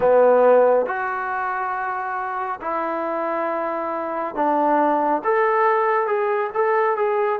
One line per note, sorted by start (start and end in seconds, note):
0.00 0.85 B3
0.85 2.59 F#4
2.61 4.35 E4
4.35 5.22 D4
5.24 6.07 A4
6.07 6.50 G#4
6.54 6.96 A4
6.96 7.39 G#4